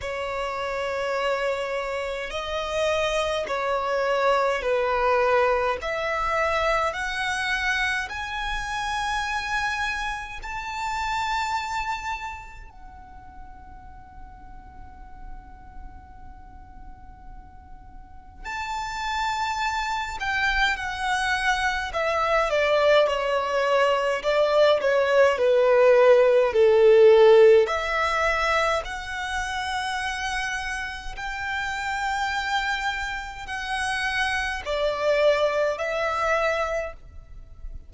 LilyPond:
\new Staff \with { instrumentName = "violin" } { \time 4/4 \tempo 4 = 52 cis''2 dis''4 cis''4 | b'4 e''4 fis''4 gis''4~ | gis''4 a''2 fis''4~ | fis''1 |
a''4. g''8 fis''4 e''8 d''8 | cis''4 d''8 cis''8 b'4 a'4 | e''4 fis''2 g''4~ | g''4 fis''4 d''4 e''4 | }